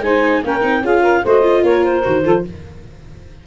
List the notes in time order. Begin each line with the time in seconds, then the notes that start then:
0.00 G#3 D#4 C5 G#5
0.44 A#3 C#4 A#4 G5
0.61 C4 D#4
0.82 C#4 F4 G#4 F5
1.01 A#4
1.23 A3 F#4 C5 D#5
1.42 F4
1.63 A#3 A#4 C#5
1.84 C5
2.03 D#3 F#4
2.24 F3 F4 A4